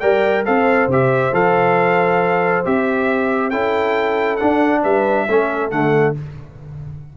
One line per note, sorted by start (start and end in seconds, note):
0.00 0.46 G3
0.00 0.45 A#4
0.00 0.44 D5
0.00 0.44 G5
0.45 0.87 C4
0.45 0.89 A4
0.45 3.49 C5
0.45 0.89 F5
0.87 1.31 C3
0.87 1.33 G4
0.87 1.34 E5
1.32 2.64 F3
1.32 2.65 A4
1.32 2.65 F5
2.65 3.52 C4
2.65 3.52 G4
2.65 3.50 E5
3.49 4.40 C#4
3.49 4.40 E4
3.49 4.80 A4
3.49 4.37 G5
4.37 5.28 D4
4.37 4.84 D4
4.37 4.81 F#5
4.82 5.28 G3
4.82 5.26 B4
4.82 5.71 E5
5.28 5.72 A3
5.28 5.71 C#4
5.28 6.17 A4
5.71 6.15 D3
5.71 6.15 A3
5.71 6.14 F#5